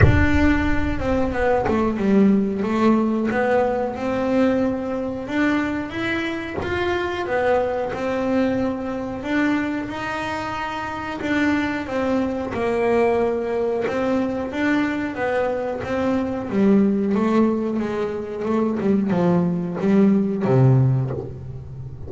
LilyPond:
\new Staff \with { instrumentName = "double bass" } { \time 4/4 \tempo 4 = 91 d'4. c'8 b8 a8 g4 | a4 b4 c'2 | d'4 e'4 f'4 b4 | c'2 d'4 dis'4~ |
dis'4 d'4 c'4 ais4~ | ais4 c'4 d'4 b4 | c'4 g4 a4 gis4 | a8 g8 f4 g4 c4 | }